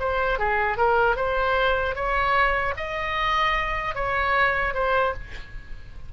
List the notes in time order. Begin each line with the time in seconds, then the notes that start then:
0.00 C5
0.39 G#4
0.78 A#4
1.17 C5
1.96 C#5
2.77 D#5
3.95 C#5
4.74 C5